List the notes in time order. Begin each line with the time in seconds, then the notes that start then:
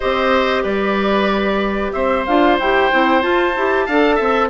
0.00 C4 G4 C5 D#5
0.62 G3 B4 D5
1.92 C4 C5 E5
2.25 D4 F4 F5
2.59 E4 G4 G5
2.91 C4 E4
3.21 F4 A5
3.56 E4 G4
3.85 D4 A4 F5
4.15 C4 E5